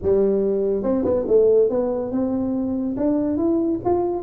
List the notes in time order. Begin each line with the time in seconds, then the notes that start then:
0.02 G3
0.83 C4
1.04 B3
1.27 A3
1.69 B3
2.11 C4
2.96 D4
3.37 E4
3.85 F4